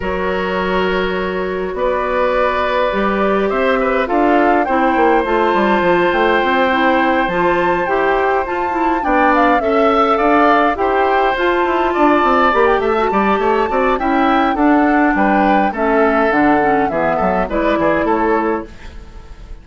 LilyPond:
<<
  \new Staff \with { instrumentName = "flute" } { \time 4/4 \tempo 4 = 103 cis''2. d''4~ | d''2 e''4 f''4 | g''4 a''4. g''4.~ | g''8 a''4 g''4 a''4 g''8 |
f''8 e''4 f''4 g''4 a''8~ | a''4. b''16 g''16 a''2 | g''4 fis''4 g''4 e''4 | fis''4 e''4 d''4 cis''4 | }
  \new Staff \with { instrumentName = "oboe" } { \time 4/4 ais'2. b'4~ | b'2 c''8 b'8 a'4 | c''1~ | c''2.~ c''8 d''8~ |
d''8 e''4 d''4 c''4.~ | c''8 d''4. e''8 d''8 cis''8 d''8 | e''4 a'4 b'4 a'4~ | a'4 gis'8 a'8 b'8 gis'8 a'4 | }
  \new Staff \with { instrumentName = "clarinet" } { \time 4/4 fis'1~ | fis'4 g'2 f'4 | e'4 f'2~ f'8 e'8~ | e'8 f'4 g'4 f'8 e'8 d'8~ |
d'8 a'2 g'4 f'8~ | f'4. g'8. fis'16 g'4 fis'8 | e'4 d'2 cis'4 | d'8 cis'8 b4 e'2 | }
  \new Staff \with { instrumentName = "bassoon" } { \time 4/4 fis2. b4~ | b4 g4 c'4 d'4 | c'8 ais8 a8 g8 f8 a8 c'4~ | c'8 f4 e'4 f'4 b8~ |
b8 cis'4 d'4 e'4 f'8 | e'8 d'8 c'8 ais8 a8 g8 a8 c'8 | cis'4 d'4 g4 a4 | d4 e8 fis8 gis8 e8 a4 | }
>>